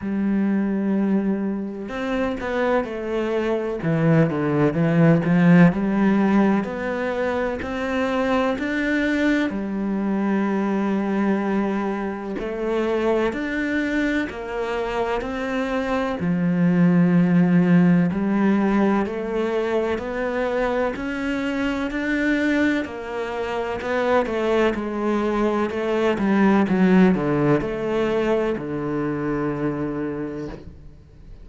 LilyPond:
\new Staff \with { instrumentName = "cello" } { \time 4/4 \tempo 4 = 63 g2 c'8 b8 a4 | e8 d8 e8 f8 g4 b4 | c'4 d'4 g2~ | g4 a4 d'4 ais4 |
c'4 f2 g4 | a4 b4 cis'4 d'4 | ais4 b8 a8 gis4 a8 g8 | fis8 d8 a4 d2 | }